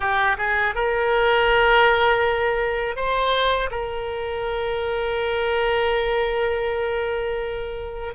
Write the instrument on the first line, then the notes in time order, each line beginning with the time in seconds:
oboe
0.00 G4
0.37 G#4
0.74 A#4
2.96 C5
3.70 A#4